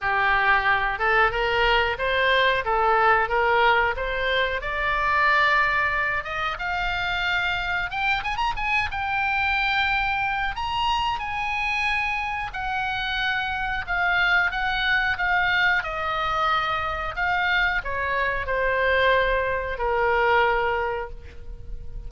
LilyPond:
\new Staff \with { instrumentName = "oboe" } { \time 4/4 \tempo 4 = 91 g'4. a'8 ais'4 c''4 | a'4 ais'4 c''4 d''4~ | d''4. dis''8 f''2 | g''8 gis''16 ais''16 gis''8 g''2~ g''8 |
ais''4 gis''2 fis''4~ | fis''4 f''4 fis''4 f''4 | dis''2 f''4 cis''4 | c''2 ais'2 | }